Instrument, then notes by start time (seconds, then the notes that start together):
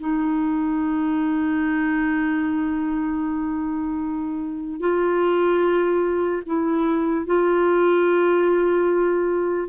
clarinet
0.00 D#4
4.81 F4
6.46 E4
7.26 F4